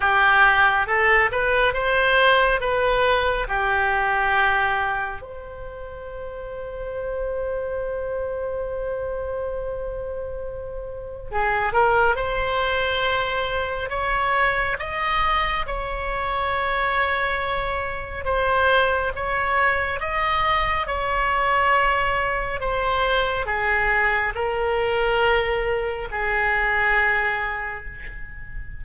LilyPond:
\new Staff \with { instrumentName = "oboe" } { \time 4/4 \tempo 4 = 69 g'4 a'8 b'8 c''4 b'4 | g'2 c''2~ | c''1~ | c''4 gis'8 ais'8 c''2 |
cis''4 dis''4 cis''2~ | cis''4 c''4 cis''4 dis''4 | cis''2 c''4 gis'4 | ais'2 gis'2 | }